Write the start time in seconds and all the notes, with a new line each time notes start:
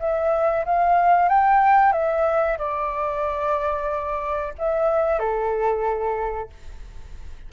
0.00 E5
0.65 F5
1.29 G5
1.92 E5
2.58 D5
4.59 E5
5.19 A4